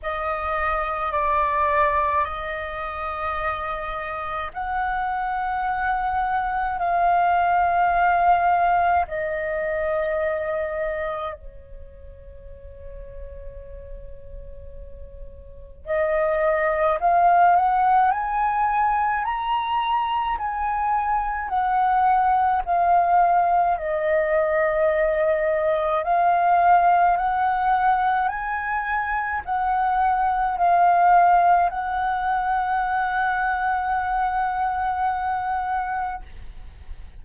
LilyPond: \new Staff \with { instrumentName = "flute" } { \time 4/4 \tempo 4 = 53 dis''4 d''4 dis''2 | fis''2 f''2 | dis''2 cis''2~ | cis''2 dis''4 f''8 fis''8 |
gis''4 ais''4 gis''4 fis''4 | f''4 dis''2 f''4 | fis''4 gis''4 fis''4 f''4 | fis''1 | }